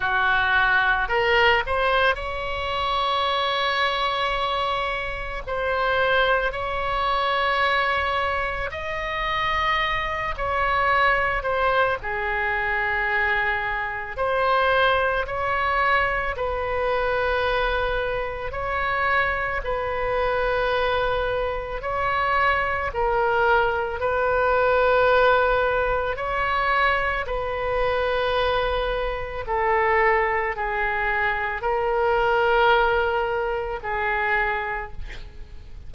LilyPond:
\new Staff \with { instrumentName = "oboe" } { \time 4/4 \tempo 4 = 55 fis'4 ais'8 c''8 cis''2~ | cis''4 c''4 cis''2 | dis''4. cis''4 c''8 gis'4~ | gis'4 c''4 cis''4 b'4~ |
b'4 cis''4 b'2 | cis''4 ais'4 b'2 | cis''4 b'2 a'4 | gis'4 ais'2 gis'4 | }